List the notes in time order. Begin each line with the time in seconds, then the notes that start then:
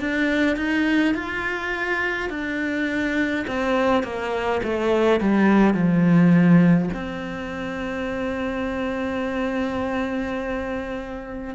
0.00 D4
0.57 D#4
1.14 F4
2.30 D4
3.47 C4
4.03 A#3
4.63 A3
5.20 G3
5.74 F3
6.93 C4